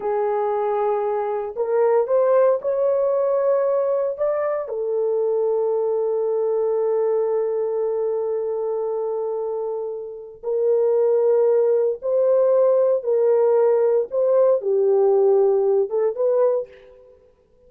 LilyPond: \new Staff \with { instrumentName = "horn" } { \time 4/4 \tempo 4 = 115 gis'2. ais'4 | c''4 cis''2. | d''4 a'2.~ | a'1~ |
a'1 | ais'2. c''4~ | c''4 ais'2 c''4 | g'2~ g'8 a'8 b'4 | }